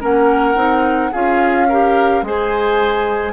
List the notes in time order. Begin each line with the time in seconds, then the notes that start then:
0.00 A#3 C#4 A#4 F#5
0.55 C4 D#4
1.12 C#4 F4 G#4 F5
1.69 G4 A#4
2.22 G#3 G#4 C5 G#5